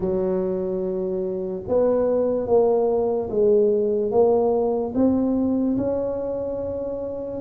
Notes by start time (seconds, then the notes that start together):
0.00 F#3
1.67 B3
2.47 A#3
3.30 G#3
4.11 A#3
4.94 C4
5.77 C#4